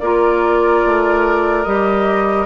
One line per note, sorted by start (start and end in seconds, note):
0.00 0.83 A#3
0.00 1.66 F4
0.00 2.47 A#4
0.00 1.64 D5
0.86 1.66 A3
1.64 2.47 G3
1.64 2.47 G4
1.64 2.46 D#5